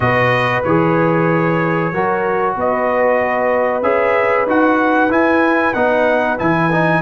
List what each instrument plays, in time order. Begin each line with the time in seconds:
0.00 tuba B2, trombone F#4, horn B4, trumpet D#5
0.64 tuba E3, trombone G#4, trumpet C#5
1.92 tuba F#3, trombone F#4, horn A#4
2.55 tuba B3, horn B4, trumpet D#5
3.82 tuba C#4, trombone G#4, trumpet E5
4.46 tuba D#4, trombone F#4, trumpet F#5
5.09 tuba E4, trombone E4, trumpet G#5
5.73 tuba B3, trombone D#4, trumpet F#5
6.38 tuba E3, trombone E4, trumpet G#5
6.71 trombone D#4